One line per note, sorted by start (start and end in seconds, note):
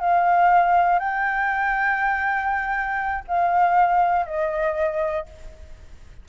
0.00 0.99 F5
0.99 3.24 G5
3.28 4.26 F5
4.26 5.26 D#5